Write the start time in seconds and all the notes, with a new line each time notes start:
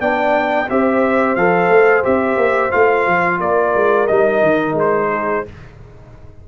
0.00 B3 D4 D5 G5
0.70 C4 G4 C5 E5
1.35 F3 A4 F5
1.69 A3
2.04 C4 G4 E5
2.37 A#3
2.71 A3 F4 F5
3.07 F3
3.40 A#3 A#4 D5
3.75 G#3
4.07 G3 D#4 D#5
4.42 D#3
4.73 G#3
4.80 C5
5.11 G#4